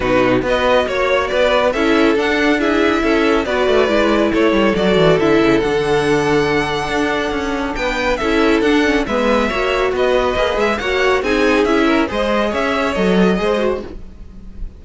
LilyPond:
<<
  \new Staff \with { instrumentName = "violin" } { \time 4/4 \tempo 4 = 139 b'4 dis''4 cis''4 d''4 | e''4 fis''4 e''2 | d''2 cis''4 d''4 | e''4 fis''2.~ |
fis''2 g''4 e''4 | fis''4 e''2 dis''4~ | dis''8 e''8 fis''4 gis''4 e''4 | dis''4 e''4 dis''2 | }
  \new Staff \with { instrumentName = "violin" } { \time 4/4 fis'4 b'4 cis''4 b'4 | a'2 gis'4 a'4 | b'2 a'2~ | a'1~ |
a'2 b'4 a'4~ | a'4 b'4 cis''4 b'4~ | b'4 cis''4 gis'4. ais'8 | c''4 cis''2 c''4 | }
  \new Staff \with { instrumentName = "viola" } { \time 4/4 dis'4 fis'2. | e'4 d'4 e'2 | fis'4 e'2 fis'4 | e'4 d'2.~ |
d'2. e'4 | d'8 cis'8 b4 fis'2 | gis'4 fis'4 dis'4 e'4 | gis'2 a'4 gis'8 fis'8 | }
  \new Staff \with { instrumentName = "cello" } { \time 4/4 b,4 b4 ais4 b4 | cis'4 d'2 cis'4 | b8 a8 gis4 a8 g8 fis8 e8 | d8 cis8 d2. |
d'4 cis'4 b4 cis'4 | d'4 gis4 ais4 b4 | ais8 gis8 ais4 c'4 cis'4 | gis4 cis'4 fis4 gis4 | }
>>